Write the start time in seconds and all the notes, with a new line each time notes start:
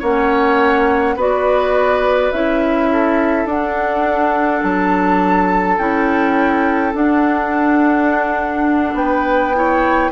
0.00 A#3 C#4 C#5 F#5
1.16 B3 F#4 B4 D5
2.32 C#4 E4 E5
2.93 A4
3.46 D4 F#5
4.63 F#3 A5
5.78 C#4 E4 G5
6.94 D4 F#5
8.94 B3 B4 G5
9.55 E4 C#5